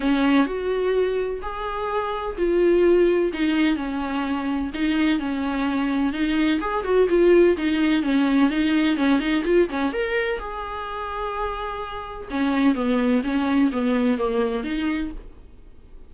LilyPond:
\new Staff \with { instrumentName = "viola" } { \time 4/4 \tempo 4 = 127 cis'4 fis'2 gis'4~ | gis'4 f'2 dis'4 | cis'2 dis'4 cis'4~ | cis'4 dis'4 gis'8 fis'8 f'4 |
dis'4 cis'4 dis'4 cis'8 dis'8 | f'8 cis'8 ais'4 gis'2~ | gis'2 cis'4 b4 | cis'4 b4 ais4 dis'4 | }